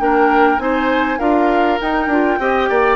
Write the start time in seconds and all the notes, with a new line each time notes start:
0.00 A#3 D4 A#4 G5
0.58 C4 D#4 C5 G#5
1.19 D4 F4 A#4 F5
1.81 D#4 G5
2.07 D4 F4
2.40 C4 G4 D#5
2.70 A#3 D5